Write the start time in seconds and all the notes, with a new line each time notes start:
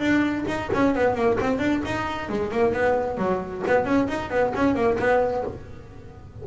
0.00 D4
0.48 D#4
0.73 C#4
0.95 B3
1.15 A#3
1.41 C4
1.59 D4
1.85 D#4
2.29 G#3
2.52 A#3
2.74 B3
3.18 F#3
3.67 B3
3.85 C#4
4.08 D#4
4.31 B3
4.55 C#4
4.75 A#3
4.99 B3